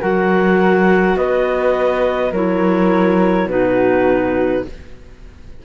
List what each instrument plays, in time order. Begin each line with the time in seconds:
0.00 cello F#3, clarinet F#4 F#5, flute A#4
1.16 cello B3, flute B4, clarinet D#5
2.32 cello F#3, clarinet E4 C#5, flute A#4
3.46 cello B2, clarinet D#4 B4, flute F#4